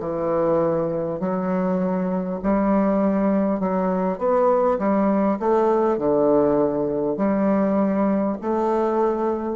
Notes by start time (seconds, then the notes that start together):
0.00 E3
1.19 F#3
2.43 G3
3.60 F#3
4.18 B3
4.78 G3
5.39 A3
5.98 D3
7.17 G3
8.42 A3